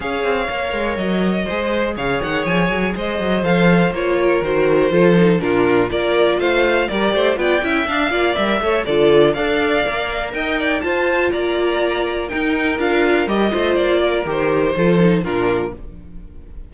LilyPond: <<
  \new Staff \with { instrumentName = "violin" } { \time 4/4 \tempo 4 = 122 f''2 dis''2 | f''8 fis''8 gis''4 dis''4 f''4 | cis''4 c''2 ais'4 | d''4 f''4 d''4 g''4 |
f''4 e''4 d''4 f''4~ | f''4 g''4 a''4 ais''4~ | ais''4 g''4 f''4 dis''4 | d''4 c''2 ais'4 | }
  \new Staff \with { instrumentName = "violin" } { \time 4/4 cis''2. c''4 | cis''2 c''2~ | c''8 ais'4. a'4 f'4 | ais'4 c''4 ais'8 c''8 d''8 e''8~ |
e''8 d''4 cis''8 a'4 d''4~ | d''4 dis''8 d''8 c''4 d''4~ | d''4 ais'2~ ais'8 c''8~ | c''8 ais'4. a'4 f'4 | }
  \new Staff \with { instrumentName = "viola" } { \time 4/4 gis'4 ais'2 gis'4~ | gis'2. a'4 | f'4 fis'4 f'8 dis'8 d'4 | f'2 g'4 f'8 e'8 |
d'8 f'8 ais'8 a'8 f'4 a'4 | ais'2 f'2~ | f'4 dis'4 f'4 g'8 f'8~ | f'4 g'4 f'8 dis'8 d'4 | }
  \new Staff \with { instrumentName = "cello" } { \time 4/4 cis'8 c'8 ais8 gis8 fis4 gis4 | cis8 dis8 f8 fis8 gis8 fis8 f4 | ais4 dis4 f4 ais,4 | ais4 a4 g8 a8 b8 cis'8 |
d'8 ais8 g8 a8 d4 d'4 | ais4 dis'4 f'4 ais4~ | ais4 dis'4 d'4 g8 a8 | ais4 dis4 f4 ais,4 | }
>>